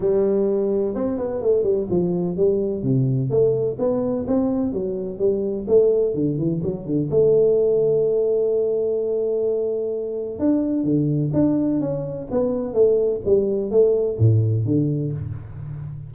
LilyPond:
\new Staff \with { instrumentName = "tuba" } { \time 4/4 \tempo 4 = 127 g2 c'8 b8 a8 g8 | f4 g4 c4 a4 | b4 c'4 fis4 g4 | a4 d8 e8 fis8 d8 a4~ |
a1~ | a2 d'4 d4 | d'4 cis'4 b4 a4 | g4 a4 a,4 d4 | }